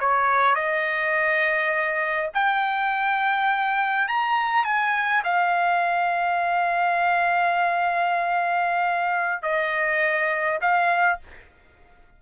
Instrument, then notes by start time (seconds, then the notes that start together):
trumpet
0.00 C#5
0.55 D#5
2.34 G5
4.08 A#5
4.65 G#5
5.24 F5
9.43 D#5
10.61 F5